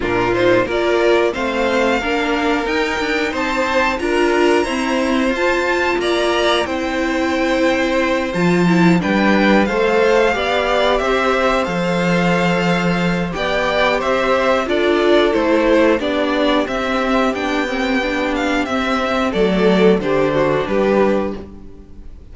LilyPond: <<
  \new Staff \with { instrumentName = "violin" } { \time 4/4 \tempo 4 = 90 ais'8 c''8 d''4 f''2 | g''4 a''4 ais''2 | a''4 ais''4 g''2~ | g''8 a''4 g''4 f''4.~ |
f''8 e''4 f''2~ f''8 | g''4 e''4 d''4 c''4 | d''4 e''4 g''4. f''8 | e''4 d''4 c''4 b'4 | }
  \new Staff \with { instrumentName = "violin" } { \time 4/4 f'4 ais'4 c''4 ais'4~ | ais'4 c''4 ais'4 c''4~ | c''4 d''4 c''2~ | c''4. b'4 c''4 d''8~ |
d''8 c''2.~ c''8 | d''4 c''4 a'2 | g'1~ | g'4 a'4 g'8 fis'8 g'4 | }
  \new Staff \with { instrumentName = "viola" } { \time 4/4 d'8 dis'8 f'4 c'4 d'4 | dis'2 f'4 c'4 | f'2 e'2~ | e'8 f'8 e'8 d'4 a'4 g'8~ |
g'4. a'2~ a'8 | g'2 f'4 e'4 | d'4 c'4 d'8 c'8 d'4 | c'4 a4 d'2 | }
  \new Staff \with { instrumentName = "cello" } { \time 4/4 ais,4 ais4 a4 ais4 | dis'8 d'8 c'4 d'4 e'4 | f'4 ais4 c'2~ | c'8 f4 g4 a4 b8~ |
b8 c'4 f2~ f8 | b4 c'4 d'4 a4 | b4 c'4 b2 | c'4 fis4 d4 g4 | }
>>